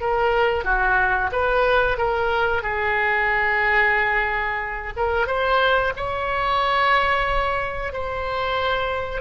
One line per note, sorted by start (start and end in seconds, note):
0.00 0.64 A#4
0.64 1.30 F#4
1.32 1.97 B4
1.97 2.62 A#4
2.62 4.93 G#4
4.96 5.27 A#4
5.27 5.93 C5
5.96 7.93 C#5
7.93 9.21 C5